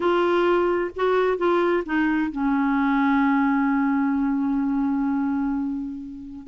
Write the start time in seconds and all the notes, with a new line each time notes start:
0.00 F4
0.95 F#4
1.37 F4
1.85 D#4
2.31 C#4